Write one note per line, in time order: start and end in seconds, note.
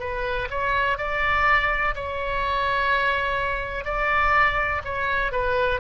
0.00 0.48 B4
0.51 0.98 C#5
0.98 1.95 D5
1.96 3.85 C#5
3.85 4.82 D5
4.85 5.32 C#5
5.32 5.81 B4